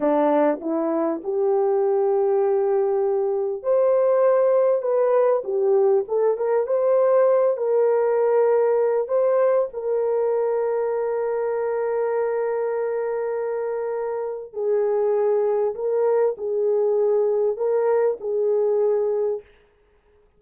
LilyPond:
\new Staff \with { instrumentName = "horn" } { \time 4/4 \tempo 4 = 99 d'4 e'4 g'2~ | g'2 c''2 | b'4 g'4 a'8 ais'8 c''4~ | c''8 ais'2~ ais'8 c''4 |
ais'1~ | ais'1 | gis'2 ais'4 gis'4~ | gis'4 ais'4 gis'2 | }